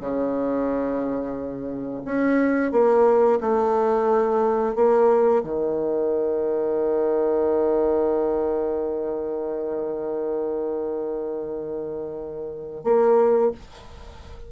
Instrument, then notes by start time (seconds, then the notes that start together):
bassoon
0.00 C#3
2.05 C#4
2.72 A#3
3.40 A3
4.76 A#3
5.43 D#3
12.84 A#3